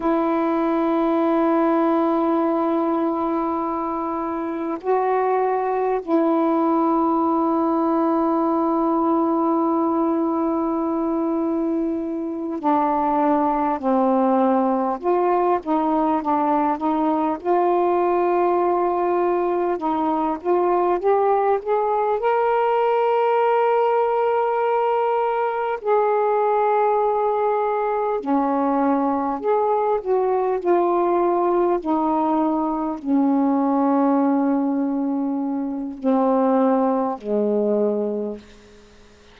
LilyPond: \new Staff \with { instrumentName = "saxophone" } { \time 4/4 \tempo 4 = 50 e'1 | fis'4 e'2.~ | e'2~ e'8 d'4 c'8~ | c'8 f'8 dis'8 d'8 dis'8 f'4.~ |
f'8 dis'8 f'8 g'8 gis'8 ais'4.~ | ais'4. gis'2 cis'8~ | cis'8 gis'8 fis'8 f'4 dis'4 cis'8~ | cis'2 c'4 gis4 | }